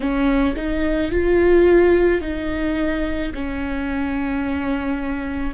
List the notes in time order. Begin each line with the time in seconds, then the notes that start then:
0.00 C#4
0.56 D#4
1.11 F4
2.21 D#4
3.34 C#4